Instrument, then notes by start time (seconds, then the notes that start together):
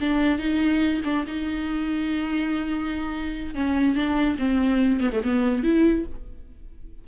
viola
0.00 D4
0.38 D#4
1.04 D4
1.27 D#4
3.54 C#4
3.95 D4
4.38 C4
5.00 B3
5.12 A3
5.23 B3
5.63 E4